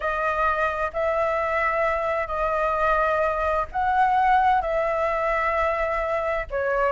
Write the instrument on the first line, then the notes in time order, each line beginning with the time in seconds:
flute
0.00 D#5
0.93 E5
2.27 D#5
3.72 F#5
4.61 E5
6.50 C#5